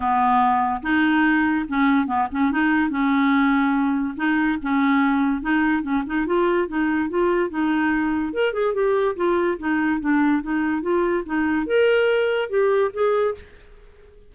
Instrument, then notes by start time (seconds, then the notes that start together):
clarinet
0.00 B3
0.82 D#4
1.68 C#4
2.06 B3
2.31 C#4
2.51 D#4
2.89 C#4
4.16 D#4
4.62 C#4
5.41 D#4
5.82 C#4
6.06 D#4
6.26 F4
6.68 D#4
7.09 F4
7.49 D#4
8.33 A#4
8.53 G#4
8.74 G4
9.16 F4
9.58 D#4
10.00 D4
10.42 D#4
10.81 F4
11.25 D#4
11.66 A#4
12.49 G4
12.93 G#4